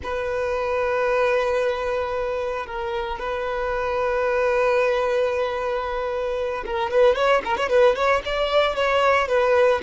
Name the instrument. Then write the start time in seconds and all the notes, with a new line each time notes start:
violin
0.03 B4
2.66 A#4
3.19 B4
6.65 A#4
6.91 B4
7.15 C#5
7.45 A#4
7.57 C#5
7.69 B4
7.95 C#5
8.25 D5
8.75 C#5
9.28 B4